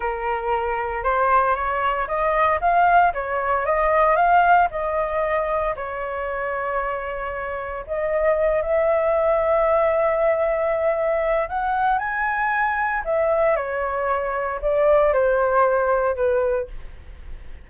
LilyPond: \new Staff \with { instrumentName = "flute" } { \time 4/4 \tempo 4 = 115 ais'2 c''4 cis''4 | dis''4 f''4 cis''4 dis''4 | f''4 dis''2 cis''4~ | cis''2. dis''4~ |
dis''8 e''2.~ e''8~ | e''2 fis''4 gis''4~ | gis''4 e''4 cis''2 | d''4 c''2 b'4 | }